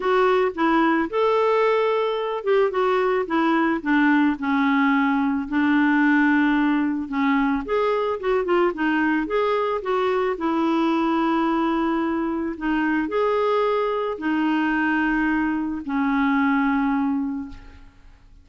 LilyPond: \new Staff \with { instrumentName = "clarinet" } { \time 4/4 \tempo 4 = 110 fis'4 e'4 a'2~ | a'8 g'8 fis'4 e'4 d'4 | cis'2 d'2~ | d'4 cis'4 gis'4 fis'8 f'8 |
dis'4 gis'4 fis'4 e'4~ | e'2. dis'4 | gis'2 dis'2~ | dis'4 cis'2. | }